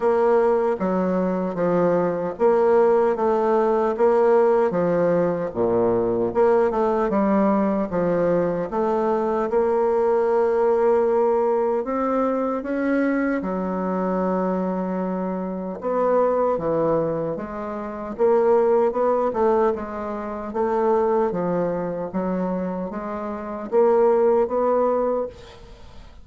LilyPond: \new Staff \with { instrumentName = "bassoon" } { \time 4/4 \tempo 4 = 76 ais4 fis4 f4 ais4 | a4 ais4 f4 ais,4 | ais8 a8 g4 f4 a4 | ais2. c'4 |
cis'4 fis2. | b4 e4 gis4 ais4 | b8 a8 gis4 a4 f4 | fis4 gis4 ais4 b4 | }